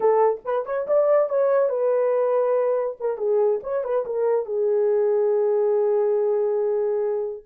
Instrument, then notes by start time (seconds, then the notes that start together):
horn
0.00 A4
0.44 B4
0.65 C#5
0.87 D5
1.29 C#5
1.69 B4
2.99 A#4
3.17 G#4
3.63 C#5
3.84 B4
4.05 A#4
4.45 G#4